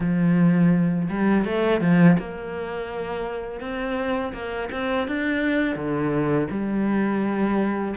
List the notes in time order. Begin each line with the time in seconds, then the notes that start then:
0.00 F3
1.09 G3
1.45 A3
1.81 F3
2.18 A#3
3.60 C4
4.33 A#3
4.71 C4
5.07 D4
5.75 D3
6.50 G3